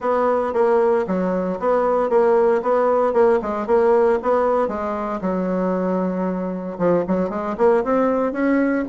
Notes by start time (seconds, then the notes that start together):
0.00 B3
0.53 A#3
1.07 F#3
1.59 B3
2.09 A#3
2.62 B3
3.13 A#3
3.42 G#3
3.66 A#3
4.22 B3
4.68 G#3
5.21 F#3
6.78 F3
7.07 F#3
7.29 G#3
7.57 A#3
7.84 C4
8.32 C#4